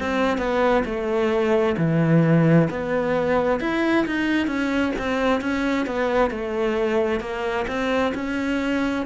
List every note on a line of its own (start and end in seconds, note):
0.00 0.38 C4
0.38 0.83 B3
0.85 1.76 A3
1.78 2.69 E3
2.71 3.60 B3
3.60 4.06 E4
4.06 4.47 D#4
4.47 4.93 C#4
4.98 5.41 C4
5.41 5.86 C#4
5.86 6.31 B3
6.31 7.20 A3
7.20 7.66 A#3
7.67 8.13 C4
8.15 9.06 C#4